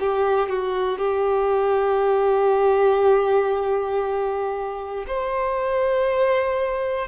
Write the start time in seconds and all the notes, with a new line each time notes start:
0.00 G4
0.49 F#4
0.98 G4
5.07 C5